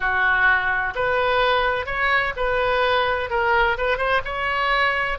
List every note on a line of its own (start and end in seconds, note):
0.00 0.93 F#4
0.95 1.86 B4
1.86 2.33 C#5
2.36 3.30 B4
3.30 3.77 A#4
3.77 3.97 B4
3.97 4.21 C5
4.24 5.18 C#5